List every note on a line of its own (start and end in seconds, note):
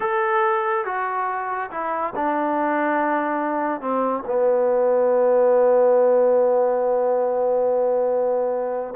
0.00 0.85 A4
0.85 1.70 F#4
1.70 2.13 E4
2.15 3.80 D4
3.80 4.23 C4
4.26 8.94 B3